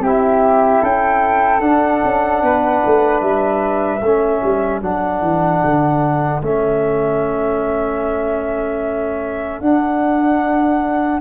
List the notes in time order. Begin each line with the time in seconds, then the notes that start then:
0.00 C4 G4 E5
0.06 E4
0.82 C#4 A4 G5
1.60 D4 F#5
2.04 C#4
2.43 B3 B4
2.86 A3
3.21 G3 E5
4.01 A3 C#4 A4
4.44 G3
4.82 F#3 D4 F#5
5.22 E3
5.65 D3
6.42 A3 C#4 E5
9.61 D4 F#5